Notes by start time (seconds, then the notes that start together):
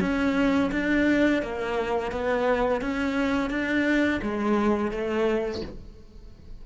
0.00 C#4
0.72 D4
1.42 A#3
2.11 B3
2.81 C#4
3.50 D4
4.22 G#3
4.91 A3